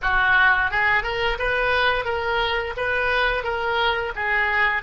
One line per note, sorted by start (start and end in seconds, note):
0.02 0.71 F#4
0.71 1.03 G#4
1.03 1.37 A#4
1.38 2.04 B4
2.04 2.73 A#4
2.76 3.43 B4
3.43 4.12 A#4
4.15 4.82 G#4